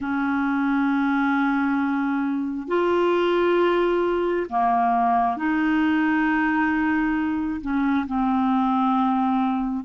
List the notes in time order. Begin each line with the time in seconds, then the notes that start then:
0.00 C#4
2.67 F4
4.49 A#3
5.36 D#4
7.61 C#4
8.06 C4